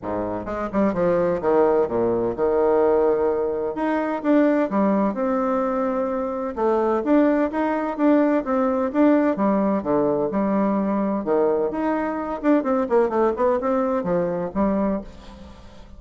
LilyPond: \new Staff \with { instrumentName = "bassoon" } { \time 4/4 \tempo 4 = 128 gis,4 gis8 g8 f4 dis4 | ais,4 dis2. | dis'4 d'4 g4 c'4~ | c'2 a4 d'4 |
dis'4 d'4 c'4 d'4 | g4 d4 g2 | dis4 dis'4. d'8 c'8 ais8 | a8 b8 c'4 f4 g4 | }